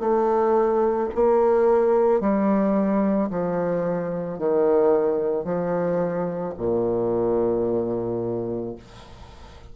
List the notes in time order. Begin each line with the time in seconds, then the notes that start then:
0.00 A3
1.15 A#3
2.21 G3
3.30 F3
4.38 D#3
5.44 F3
6.58 A#2